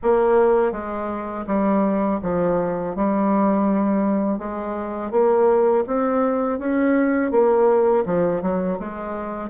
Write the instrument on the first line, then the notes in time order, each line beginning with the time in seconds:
bassoon
0.02 A#3
0.72 G#3
1.46 G3
2.22 F3
2.95 G3
4.38 G#3
5.11 A#3
5.86 C4
6.59 C#4
7.31 A#3
8.05 F3
8.41 F#3
8.79 G#3